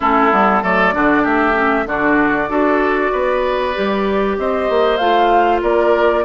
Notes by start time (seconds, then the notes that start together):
0.00 A3 C#4 E4 A4
0.31 G3 B3
0.62 F#3 A3 A4 D5
0.93 D3 D4 F#4
1.22 A3 G4 E5
1.53 C#4
1.85 D3 D4 F#4 D5
2.48 D4 F#4 A4
3.12 B3 B4
3.73 G3 G4
4.38 C4 C5 D#5
4.69 A#3
4.96 A3 F4 F5
5.62 A#3 A#4 D5